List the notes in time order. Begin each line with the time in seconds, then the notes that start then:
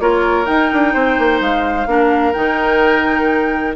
0.00 A#3 F4 A#4 C#5
0.46 D#4 G5
0.73 D4
0.94 C4 C5
1.18 A#3
1.41 G#3 F5
1.86 A#3 D4 A#4
2.33 D#3 D#4 G5